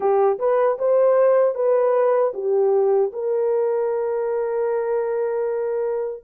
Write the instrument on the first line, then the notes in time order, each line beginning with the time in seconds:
horn
0.00 G4
0.38 B4
0.78 C5
1.54 B4
2.33 G4
3.12 A#4